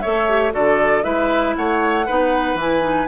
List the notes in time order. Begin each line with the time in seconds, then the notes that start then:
0.00 A3 A4 C#5 E5
0.29 G4
0.51 D3 F#4 A4 D5
1.02 G#3 E4 B4 E5
1.55 A3 C#5 F#5
2.06 B3 D#4 B4
2.54 E3 E4 G#5
2.81 D#4